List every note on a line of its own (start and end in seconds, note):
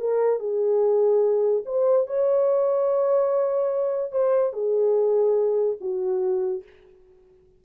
0.00 0.39 A#4
0.39 1.64 G#4
1.66 2.07 C5
2.07 4.12 C#5
4.12 4.53 C5
4.53 5.77 G#4
5.81 6.63 F#4